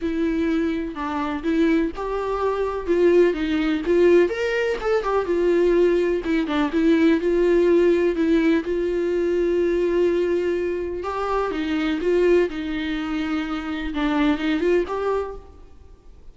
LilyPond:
\new Staff \with { instrumentName = "viola" } { \time 4/4 \tempo 4 = 125 e'2 d'4 e'4 | g'2 f'4 dis'4 | f'4 ais'4 a'8 g'8 f'4~ | f'4 e'8 d'8 e'4 f'4~ |
f'4 e'4 f'2~ | f'2. g'4 | dis'4 f'4 dis'2~ | dis'4 d'4 dis'8 f'8 g'4 | }